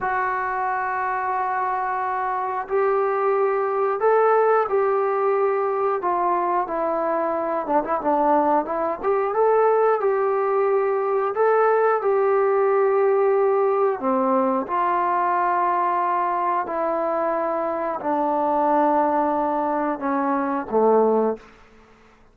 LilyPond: \new Staff \with { instrumentName = "trombone" } { \time 4/4 \tempo 4 = 90 fis'1 | g'2 a'4 g'4~ | g'4 f'4 e'4. d'16 e'16 | d'4 e'8 g'8 a'4 g'4~ |
g'4 a'4 g'2~ | g'4 c'4 f'2~ | f'4 e'2 d'4~ | d'2 cis'4 a4 | }